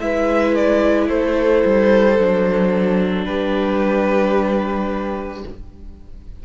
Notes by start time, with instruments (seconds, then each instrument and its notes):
0.00 cello G#3, viola E4, violin B4 E5
0.55 violin D5
1.09 cello A3, violin A4 C5
1.65 cello G3
2.18 cello F#3, viola D4
3.25 cello G3, violin G4 B4